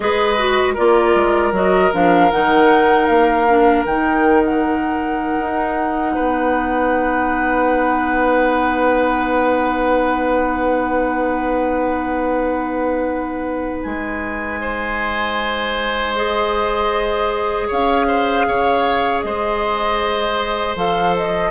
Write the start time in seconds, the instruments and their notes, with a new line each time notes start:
0.00 bassoon G#3, clarinet G#4, oboe B4, flute D#5
0.37 clarinet F#4
0.74 bassoon A#3, clarinet F4, oboe A#4, flute D5
1.15 bassoon G#3
1.52 bassoon F#3, clarinet F#4, flute D#5
1.92 bassoon F3, clarinet D4, flute F5
2.31 bassoon D#3, clarinet D#4, flute F#5
3.06 bassoon A#3, flute F5
3.48 clarinet D4
3.85 bassoon D#3, clarinet D#4, flute G5
4.44 flute F#5
5.39 bassoon D#4
6.14 bassoon B3, oboe B4
13.83 bassoon G#3, flute G#5
14.60 oboe C5
16.15 clarinet G#4, flute D#5
17.67 bassoon C#4, oboe C#5, flute F5
18.07 oboe C5
18.47 bassoon C#3, oboe C#5
19.21 bassoon G#3, oboe C5, flute D#5
20.75 bassoon F3, clarinet A4, flute F5
21.16 flute D#5